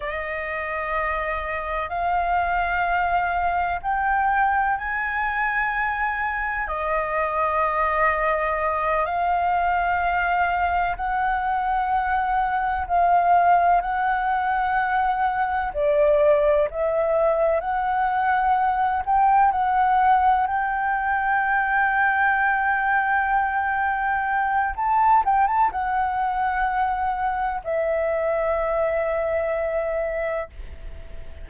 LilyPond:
\new Staff \with { instrumentName = "flute" } { \time 4/4 \tempo 4 = 63 dis''2 f''2 | g''4 gis''2 dis''4~ | dis''4. f''2 fis''8~ | fis''4. f''4 fis''4.~ |
fis''8 d''4 e''4 fis''4. | g''8 fis''4 g''2~ g''8~ | g''2 a''8 g''16 a''16 fis''4~ | fis''4 e''2. | }